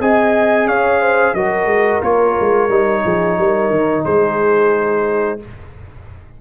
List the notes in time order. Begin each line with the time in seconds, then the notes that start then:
0.00 C4 G#4 D#5 G#5
0.65 C#4 C#5 F5
1.01 C5
1.34 F#3 F#4 A#4 D#5
1.65 G#3
2.02 A#3 F4 C#5
2.40 G#3
2.69 G3 D#4
3.03 F3 G#4
3.38 G3 A#4
3.70 D#3
4.04 G#3 G#4 C5